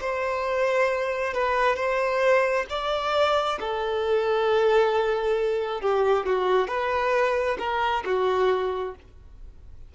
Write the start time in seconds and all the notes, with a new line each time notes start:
0.00 C5
1.33 B4
1.76 C5
2.69 D5
3.60 A4
5.81 G4
6.26 F#4
6.68 B4
7.59 A#4
8.05 F#4